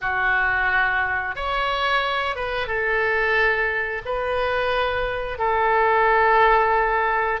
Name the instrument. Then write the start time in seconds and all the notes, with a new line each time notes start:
oboe
0.01 F#4
1.35 C#5
2.35 B4
2.67 A4
4.05 B4
5.38 A4